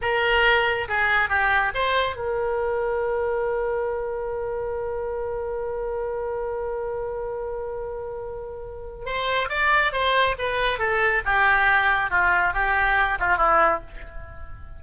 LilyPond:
\new Staff \with { instrumentName = "oboe" } { \time 4/4 \tempo 4 = 139 ais'2 gis'4 g'4 | c''4 ais'2.~ | ais'1~ | ais'1~ |
ais'1~ | ais'4 c''4 d''4 c''4 | b'4 a'4 g'2 | f'4 g'4. f'8 e'4 | }